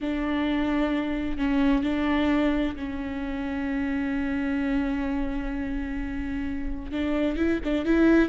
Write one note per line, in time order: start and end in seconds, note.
0.00 1.37 D4
1.37 1.83 C#4
1.83 2.75 D4
2.76 6.91 C#4
6.91 7.36 D4
7.36 7.59 E4
7.64 7.85 D4
7.85 8.29 E4